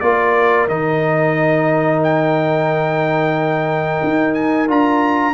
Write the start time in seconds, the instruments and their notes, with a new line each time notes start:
0.00 tuba A#3, trombone F4, horn A#4, trumpet D5
0.67 tuba D#3, trombone D#4, trumpet D#5
2.03 trumpet G5
4.03 tuba D#4
4.34 trumpet G#5
4.68 tuba D4, trombone F4, trumpet A#5